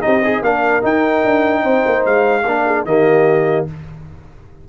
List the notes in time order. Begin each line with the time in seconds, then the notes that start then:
0.00 C4 D#4 G4 D#5
0.22 D#4 G#4
0.42 A#3 D4 A#4 F5
0.81 D#4 G5
1.24 D4
1.62 C4 C5
1.86 A#3
2.05 G#3 F5
2.43 A#3 D4 A#4
2.66 G#4
2.85 D#3 A#3 G4 D#5